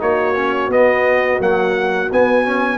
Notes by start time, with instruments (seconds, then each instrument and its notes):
0.00 tuba A#3, trombone D#4, horn F#4, trumpet C#5
0.36 trombone C#4
0.69 tuba B3, trombone B3, trumpet D#5
1.40 trombone F#3, tuba A#3, trumpet F#5
2.12 tuba B3, trombone B3, trumpet G#5
2.45 trombone C#4